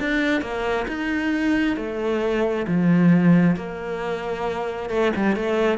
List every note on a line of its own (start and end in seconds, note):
0.00 0.42 D4
0.42 0.86 A#3
0.88 1.77 D#4
1.77 2.66 A3
2.67 3.57 F3
3.57 4.90 A#3
4.90 5.12 A3
5.16 5.36 G3
5.36 5.78 A3